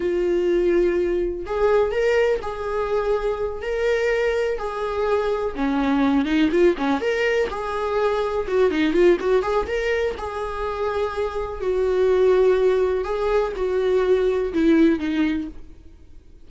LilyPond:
\new Staff \with { instrumentName = "viola" } { \time 4/4 \tempo 4 = 124 f'2. gis'4 | ais'4 gis'2~ gis'8 ais'8~ | ais'4. gis'2 cis'8~ | cis'4 dis'8 f'8 cis'8 ais'4 gis'8~ |
gis'4. fis'8 dis'8 f'8 fis'8 gis'8 | ais'4 gis'2. | fis'2. gis'4 | fis'2 e'4 dis'4 | }